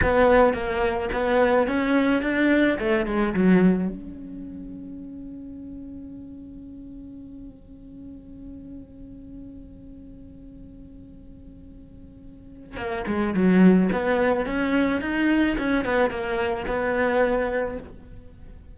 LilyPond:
\new Staff \with { instrumentName = "cello" } { \time 4/4 \tempo 4 = 108 b4 ais4 b4 cis'4 | d'4 a8 gis8 fis4 cis'4~ | cis'1~ | cis'1~ |
cis'1~ | cis'2. ais8 gis8 | fis4 b4 cis'4 dis'4 | cis'8 b8 ais4 b2 | }